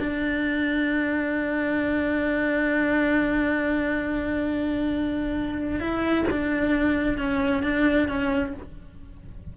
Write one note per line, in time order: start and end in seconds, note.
0.00 5.80 D4
5.80 6.25 E4
6.31 7.18 D4
7.18 7.63 C#4
7.63 8.09 D4
8.09 8.54 C#4